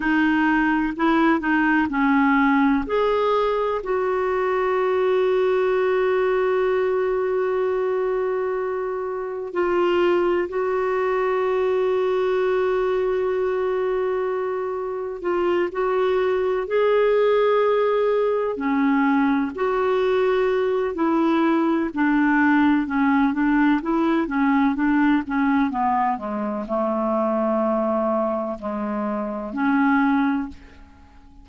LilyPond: \new Staff \with { instrumentName = "clarinet" } { \time 4/4 \tempo 4 = 63 dis'4 e'8 dis'8 cis'4 gis'4 | fis'1~ | fis'2 f'4 fis'4~ | fis'1 |
f'8 fis'4 gis'2 cis'8~ | cis'8 fis'4. e'4 d'4 | cis'8 d'8 e'8 cis'8 d'8 cis'8 b8 gis8 | a2 gis4 cis'4 | }